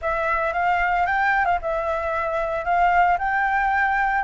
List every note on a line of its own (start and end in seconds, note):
0.01 0.53 E5
0.53 1.06 F5
1.06 1.45 G5
1.45 1.58 F5
1.61 2.64 E5
2.64 3.17 F5
3.18 4.24 G5